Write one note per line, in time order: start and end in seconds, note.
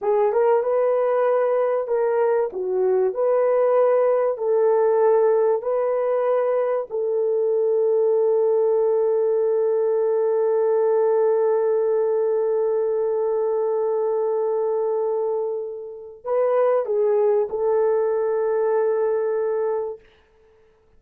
0.01 0.32 G#4
0.32 0.62 A#4
0.62 1.87 B4
1.87 2.50 A#4
2.52 3.13 F#4
3.13 4.37 B4
4.37 5.62 A4
5.62 6.87 B4
6.89 16.24 A4
16.24 16.85 B4
16.85 17.48 G#4
17.49 19.99 A4